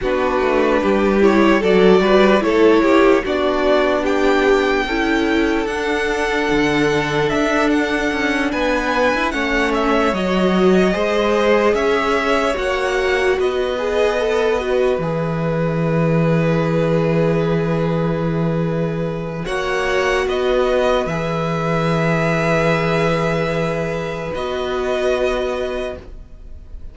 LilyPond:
<<
  \new Staff \with { instrumentName = "violin" } { \time 4/4 \tempo 4 = 74 b'4. cis''8 d''4 cis''4 | d''4 g''2 fis''4~ | fis''4 e''8 fis''4 gis''4 fis''8 | e''8 dis''2 e''4 fis''8~ |
fis''8 dis''2 e''4.~ | e''1 | fis''4 dis''4 e''2~ | e''2 dis''2 | }
  \new Staff \with { instrumentName = "violin" } { \time 4/4 fis'4 g'4 a'8 b'8 a'8 g'8 | fis'4 g'4 a'2~ | a'2~ a'8 b'4 cis''8~ | cis''4. c''4 cis''4.~ |
cis''8 b'2.~ b'8~ | b'1 | cis''4 b'2.~ | b'1 | }
  \new Staff \with { instrumentName = "viola" } { \time 4/4 d'4. e'8 fis'4 e'4 | d'2 e'4 d'4~ | d'2.~ d'8 cis'8~ | cis'8 fis'4 gis'2 fis'8~ |
fis'4 gis'8 a'8 fis'8 gis'4.~ | gis'1 | fis'2 gis'2~ | gis'2 fis'2 | }
  \new Staff \with { instrumentName = "cello" } { \time 4/4 b8 a8 g4 fis8 g8 a8 ais8 | b2 cis'4 d'4 | d4 d'4 cis'8 b8. e'16 a8~ | a8 fis4 gis4 cis'4 ais8~ |
ais8 b2 e4.~ | e1 | ais4 b4 e2~ | e2 b2 | }
>>